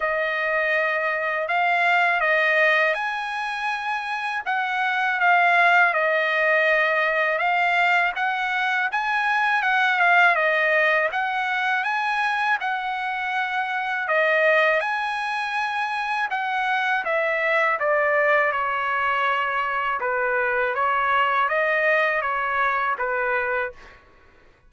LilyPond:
\new Staff \with { instrumentName = "trumpet" } { \time 4/4 \tempo 4 = 81 dis''2 f''4 dis''4 | gis''2 fis''4 f''4 | dis''2 f''4 fis''4 | gis''4 fis''8 f''8 dis''4 fis''4 |
gis''4 fis''2 dis''4 | gis''2 fis''4 e''4 | d''4 cis''2 b'4 | cis''4 dis''4 cis''4 b'4 | }